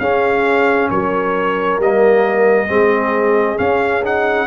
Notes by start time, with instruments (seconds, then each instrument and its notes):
0.00 tuba C#4, trombone C#4, horn G#4, trumpet F5
0.91 tuba F#3, horn A#4, trumpet C#5
1.79 tuba G3, trombone A#3, trumpet D#5
2.68 tuba G#3, trombone C4, horn G#4
3.57 trombone C#4, tuba C#4, trumpet F5
4.04 trombone D#4, trumpet F#5